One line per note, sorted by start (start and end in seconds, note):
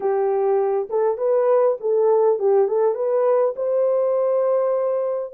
0.00 0.88 G4
0.89 1.17 A4
1.17 1.77 B4
1.80 2.39 A4
2.39 2.68 G4
2.68 2.94 A4
2.94 3.54 B4
3.55 5.34 C5